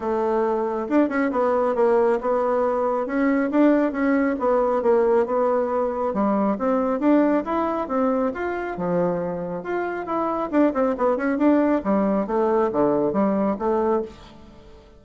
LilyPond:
\new Staff \with { instrumentName = "bassoon" } { \time 4/4 \tempo 4 = 137 a2 d'8 cis'8 b4 | ais4 b2 cis'4 | d'4 cis'4 b4 ais4 | b2 g4 c'4 |
d'4 e'4 c'4 f'4 | f2 f'4 e'4 | d'8 c'8 b8 cis'8 d'4 g4 | a4 d4 g4 a4 | }